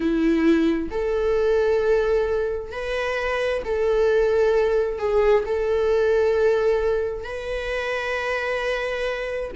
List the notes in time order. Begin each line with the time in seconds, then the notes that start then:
0.00 E4
0.90 A4
2.71 B4
3.64 A4
4.98 G#4
5.45 A4
7.24 B4